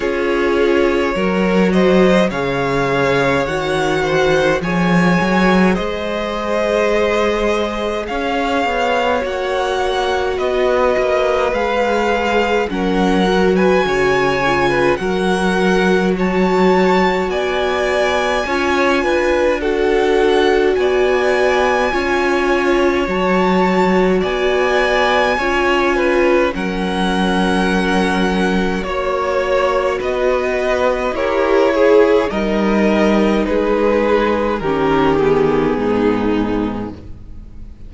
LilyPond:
<<
  \new Staff \with { instrumentName = "violin" } { \time 4/4 \tempo 4 = 52 cis''4. dis''8 f''4 fis''4 | gis''4 dis''2 f''4 | fis''4 dis''4 f''4 fis''8. gis''16~ | gis''4 fis''4 a''4 gis''4~ |
gis''4 fis''4 gis''2 | a''4 gis''2 fis''4~ | fis''4 cis''4 dis''4 cis''4 | dis''4 b'4 ais'8 gis'4. | }
  \new Staff \with { instrumentName = "violin" } { \time 4/4 gis'4 ais'8 c''8 cis''4. c''8 | cis''4 c''2 cis''4~ | cis''4 b'2 ais'8. b'16 | cis''8. b'16 ais'4 cis''4 d''4 |
cis''8 b'8 a'4 d''4 cis''4~ | cis''4 d''4 cis''8 b'8 ais'4~ | ais'4 cis''4 b'4 ais'8 gis'8 | ais'4 gis'4 g'4 dis'4 | }
  \new Staff \with { instrumentName = "viola" } { \time 4/4 f'4 fis'4 gis'4 fis'4 | gis'1 | fis'2 gis'4 cis'8 fis'8~ | fis'8 f'8 fis'2. |
f'4 fis'2 f'4 | fis'2 f'4 cis'4~ | cis'4 fis'2 g'8 gis'8 | dis'2 cis'8 b4. | }
  \new Staff \with { instrumentName = "cello" } { \time 4/4 cis'4 fis4 cis4 dis4 | f8 fis8 gis2 cis'8 b8 | ais4 b8 ais8 gis4 fis4 | cis4 fis2 b4 |
cis'8 d'4. b4 cis'4 | fis4 b4 cis'4 fis4~ | fis4 ais4 b4 e'4 | g4 gis4 dis4 gis,4 | }
>>